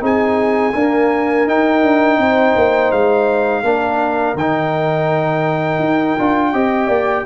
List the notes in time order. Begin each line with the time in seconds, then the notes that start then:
0.00 C4 D#4 G#4 G#5
0.73 A#3 D4 A#4
1.46 D#4 G5
1.82 D4
2.17 C4 C5
2.55 A#3
2.91 G#3 F5
3.62 A#3 D4 A#4
4.34 D#3 G5
4.40 D#4
5.79 D#4
6.18 D4 F4
6.52 C4 G4 D#5
6.87 A#3 D5